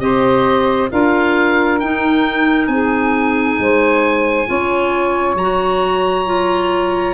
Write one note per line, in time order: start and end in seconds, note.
0.00 0.90 C4
0.00 0.90 G4
0.00 0.91 C5
0.00 0.90 D#5
0.91 1.82 D4
0.91 1.81 F4
0.91 2.70 A#4
0.91 1.80 F5
1.80 4.46 D#4
1.80 2.68 D#4
1.80 2.67 G5
2.67 3.57 C4
2.67 3.61 G#4
2.67 5.35 G#5
3.59 4.48 G#3
3.59 4.49 C5
4.46 5.35 C#4
4.46 5.36 F4
4.46 7.14 C#5
5.35 7.14 F#3
5.35 6.26 F#4
5.35 7.14 A#5
6.26 7.14 F4